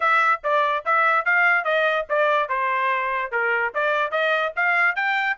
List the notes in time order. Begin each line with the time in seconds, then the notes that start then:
0.00 E5
0.43 D5
0.85 E5
1.25 F5
1.64 D#5
2.09 D5
2.48 C5
3.31 A#4
3.74 D5
4.11 D#5
4.55 F5
4.95 G5